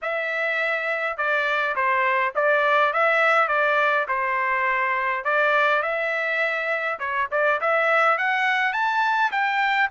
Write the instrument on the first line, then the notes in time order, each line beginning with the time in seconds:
trumpet
0.02 E5
1.17 D5
1.75 C5
2.35 D5
2.93 E5
3.48 D5
4.08 C5
5.24 D5
5.82 E5
6.99 C#5
7.31 D5
7.60 E5
8.17 F#5
8.72 A5
9.31 G5